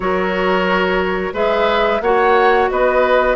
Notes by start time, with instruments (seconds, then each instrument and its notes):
0.00 bassoon F#3, clarinet F#4, oboe A#4, flute C#5
1.33 bassoon G#3, clarinet G#4, oboe B4, flute E5
2.00 bassoon A#3, clarinet F#4, oboe C#5, flute F#5
2.70 bassoon B3, oboe B4, flute D#5